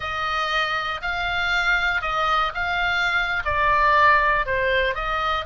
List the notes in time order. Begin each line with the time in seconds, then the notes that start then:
0.00 D#5
1.01 F5
2.01 D#5
2.54 F5
3.44 D5
4.45 C5
4.94 D#5